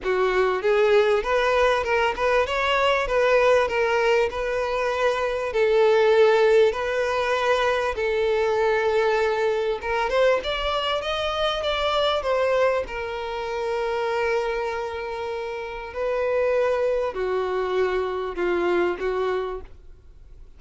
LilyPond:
\new Staff \with { instrumentName = "violin" } { \time 4/4 \tempo 4 = 98 fis'4 gis'4 b'4 ais'8 b'8 | cis''4 b'4 ais'4 b'4~ | b'4 a'2 b'4~ | b'4 a'2. |
ais'8 c''8 d''4 dis''4 d''4 | c''4 ais'2.~ | ais'2 b'2 | fis'2 f'4 fis'4 | }